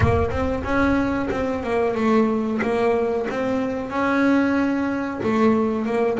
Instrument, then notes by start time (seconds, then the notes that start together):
double bass
0.00 A#3
0.30 C4
0.63 C#4
1.30 C4
1.63 A#3
1.94 A3
2.61 A#3
3.29 C4
3.90 C#4
5.23 A3
5.85 A#3